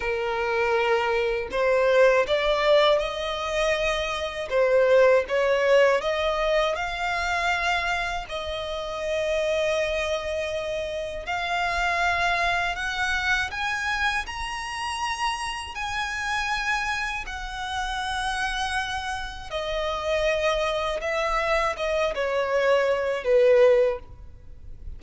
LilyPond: \new Staff \with { instrumentName = "violin" } { \time 4/4 \tempo 4 = 80 ais'2 c''4 d''4 | dis''2 c''4 cis''4 | dis''4 f''2 dis''4~ | dis''2. f''4~ |
f''4 fis''4 gis''4 ais''4~ | ais''4 gis''2 fis''4~ | fis''2 dis''2 | e''4 dis''8 cis''4. b'4 | }